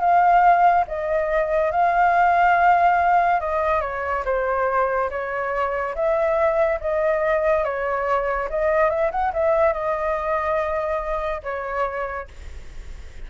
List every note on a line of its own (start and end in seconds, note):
0.00 0.85 F5
0.88 1.71 D#5
1.71 3.40 F5
3.40 3.81 D#5
3.81 4.23 C#5
4.25 5.10 C5
5.10 5.95 C#5
5.95 6.80 E5
6.81 7.64 D#5
7.64 8.49 C#5
8.50 8.90 D#5
8.90 9.11 E5
9.11 9.32 F#5
9.33 9.73 E5
9.73 11.42 D#5
11.43 12.28 C#5